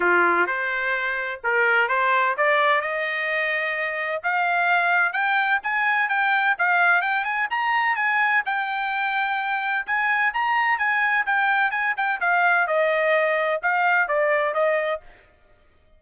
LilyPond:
\new Staff \with { instrumentName = "trumpet" } { \time 4/4 \tempo 4 = 128 f'4 c''2 ais'4 | c''4 d''4 dis''2~ | dis''4 f''2 g''4 | gis''4 g''4 f''4 g''8 gis''8 |
ais''4 gis''4 g''2~ | g''4 gis''4 ais''4 gis''4 | g''4 gis''8 g''8 f''4 dis''4~ | dis''4 f''4 d''4 dis''4 | }